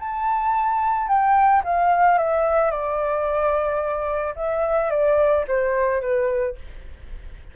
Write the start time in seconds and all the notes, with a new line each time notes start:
0.00 A5
1.08 G5
1.64 F5
2.18 E5
2.71 D5
4.36 E5
4.91 D5
5.48 C5
6.01 B4